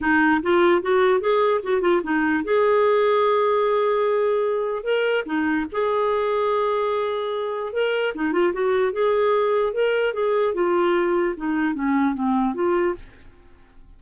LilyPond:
\new Staff \with { instrumentName = "clarinet" } { \time 4/4 \tempo 4 = 148 dis'4 f'4 fis'4 gis'4 | fis'8 f'8 dis'4 gis'2~ | gis'1 | ais'4 dis'4 gis'2~ |
gis'2. ais'4 | dis'8 f'8 fis'4 gis'2 | ais'4 gis'4 f'2 | dis'4 cis'4 c'4 f'4 | }